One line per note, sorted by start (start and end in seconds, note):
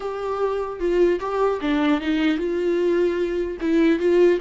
0.00 0.79 G4
0.79 1.19 F4
1.20 1.60 G4
1.61 2.01 D4
2.01 2.37 D#4
2.37 3.57 F4
3.60 3.99 E4
3.99 4.39 F4